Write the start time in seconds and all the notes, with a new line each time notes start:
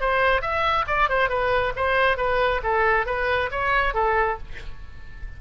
0.00 C5
0.41 E5
0.87 D5
1.09 C5
1.29 B4
1.76 C5
2.17 B4
2.63 A4
3.06 B4
3.51 C#5
3.94 A4